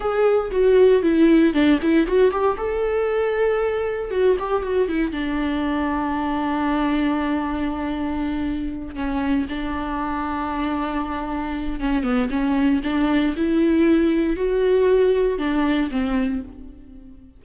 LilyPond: \new Staff \with { instrumentName = "viola" } { \time 4/4 \tempo 4 = 117 gis'4 fis'4 e'4 d'8 e'8 | fis'8 g'8 a'2. | fis'8 g'8 fis'8 e'8 d'2~ | d'1~ |
d'4. cis'4 d'4.~ | d'2. cis'8 b8 | cis'4 d'4 e'2 | fis'2 d'4 c'4 | }